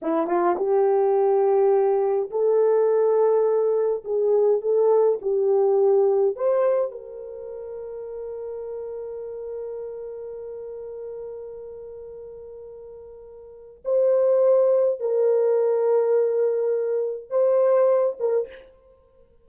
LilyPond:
\new Staff \with { instrumentName = "horn" } { \time 4/4 \tempo 4 = 104 e'8 f'8 g'2. | a'2. gis'4 | a'4 g'2 c''4 | ais'1~ |
ais'1~ | ais'1 | c''2 ais'2~ | ais'2 c''4. ais'8 | }